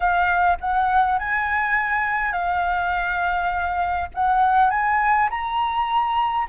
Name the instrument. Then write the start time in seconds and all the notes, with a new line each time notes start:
flute
0.00 F5
0.60 F#5
1.18 G#5
2.32 F5
4.14 F#5
4.70 G#5
5.29 A#5